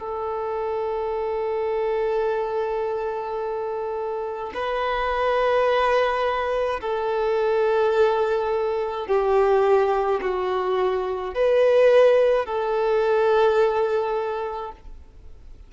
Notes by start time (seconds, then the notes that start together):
0.00 A4
4.54 B4
6.81 A4
9.07 G4
10.21 F#4
11.35 B4
12.46 A4